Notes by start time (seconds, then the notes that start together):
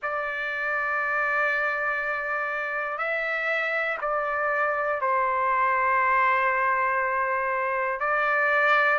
0.02 D5
2.98 E5
4.00 D5
5.00 C5
8.00 D5